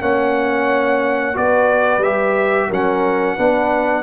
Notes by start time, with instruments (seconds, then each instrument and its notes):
0.00 tuba A#3, trombone C#4, horn C#5, trumpet F#5
1.33 tuba B3, trombone F#4, horn B4, trumpet D5
1.98 tuba G3, trumpet E5
2.04 trombone G4
2.69 tuba F#3, trombone C#4, horn A#4, trumpet F#5
3.36 tuba B3, trombone D4, horn B4